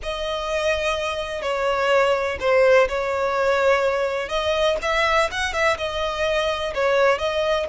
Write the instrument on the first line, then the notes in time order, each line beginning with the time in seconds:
violin
0.02 D#5
1.42 C#5
2.40 C5
2.88 C#5
4.29 D#5
4.82 E5
5.31 F#5
5.53 E5
5.77 D#5
6.74 C#5
7.18 D#5